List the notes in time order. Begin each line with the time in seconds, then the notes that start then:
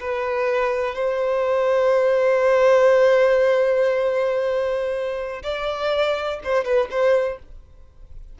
0.00 B4
0.95 C5
5.43 D5
6.43 C5
6.64 B4
6.90 C5